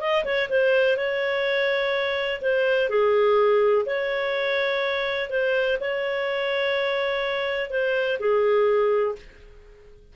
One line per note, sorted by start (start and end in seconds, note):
0.00 0.24 D#5
0.24 0.48 C#5
0.49 0.97 C5
0.97 2.41 C#5
2.41 2.89 C5
2.89 3.85 G#4
3.86 5.30 C#5
5.30 5.78 C5
5.80 7.70 C#5
7.70 8.18 C5
8.19 9.15 G#4